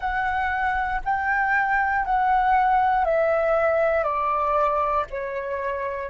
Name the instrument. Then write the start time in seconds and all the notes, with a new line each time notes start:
flute
0.00 F#5
1.04 G5
2.05 F#5
3.05 E5
4.03 D5
5.10 C#5